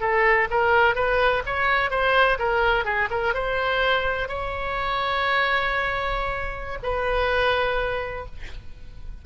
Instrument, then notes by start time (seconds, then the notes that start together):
oboe
0.00 A4
0.50 A#4
0.95 B4
1.46 C#5
1.90 C5
2.39 A#4
2.84 G#4
3.10 A#4
3.34 C5
4.28 C#5
6.82 B4